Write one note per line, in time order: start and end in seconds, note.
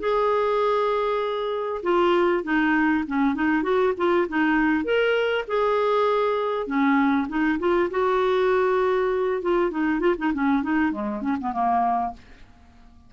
0.00 1.82 G#4
1.83 2.44 F4
2.44 3.05 D#4
3.07 3.35 C#4
3.35 3.63 D#4
3.63 3.93 F#4
3.98 4.28 F4
4.29 4.85 D#4
4.85 5.45 A#4
5.48 6.67 G#4
6.67 7.28 C#4
7.29 7.59 D#4
7.60 7.90 F4
7.91 9.42 F#4
9.42 9.71 F4
9.71 10.00 D#4
10.00 10.16 F4
10.18 10.33 D#4
10.34 10.63 C#4
10.63 10.92 D#4
10.92 11.22 G#3
11.22 11.37 C#4
11.40 11.53 B3
11.53 12.13 A#3